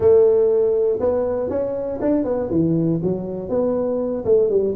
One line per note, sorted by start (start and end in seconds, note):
0.00 0.99 A3
1.00 1.49 B3
1.49 1.99 C#4
2.01 2.24 D4
2.24 2.49 B3
2.50 3.00 E3
3.02 3.49 F#3
3.49 4.24 B3
4.24 4.49 A3
4.49 4.74 G3